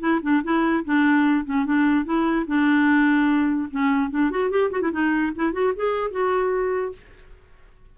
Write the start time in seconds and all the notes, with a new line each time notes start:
0.00 E4
0.22 D4
0.44 E4
0.85 D4
1.45 C#4
1.65 D4
2.05 E4
2.47 D4
3.71 C#4
4.10 D4
4.31 F#4
4.50 G4
4.71 F#4
4.81 E4
4.92 D#4
5.36 E4
5.53 F#4
5.76 G#4
6.11 F#4